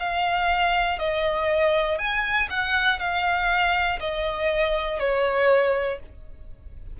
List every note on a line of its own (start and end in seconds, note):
0.00 0.99 F5
0.99 1.99 D#5
1.99 2.49 G#5
2.50 3.00 F#5
3.00 4.00 F5
4.00 5.00 D#5
5.00 6.00 C#5